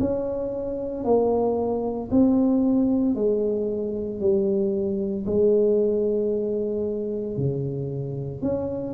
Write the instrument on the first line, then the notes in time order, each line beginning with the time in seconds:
tuba
0.00 C#4
1.04 A#3
2.11 C4
3.15 G#3
4.20 G3
5.26 G#3
7.37 C#3
8.42 C#4